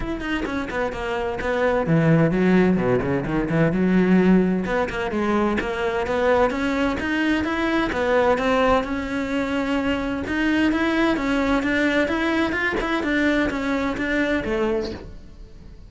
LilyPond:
\new Staff \with { instrumentName = "cello" } { \time 4/4 \tempo 4 = 129 e'8 dis'8 cis'8 b8 ais4 b4 | e4 fis4 b,8 cis8 dis8 e8 | fis2 b8 ais8 gis4 | ais4 b4 cis'4 dis'4 |
e'4 b4 c'4 cis'4~ | cis'2 dis'4 e'4 | cis'4 d'4 e'4 f'8 e'8 | d'4 cis'4 d'4 a4 | }